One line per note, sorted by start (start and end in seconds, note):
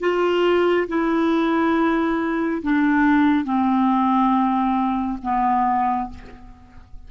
0.00 0.87 F4
0.88 2.62 E4
2.62 3.44 D4
3.44 5.18 C4
5.22 6.09 B3